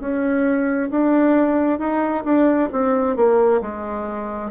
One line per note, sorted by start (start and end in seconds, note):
0.00 0.90 C#4
0.91 1.79 D4
1.79 2.24 D#4
2.24 2.69 D4
2.72 3.16 C4
3.16 3.61 A#3
3.61 4.51 G#3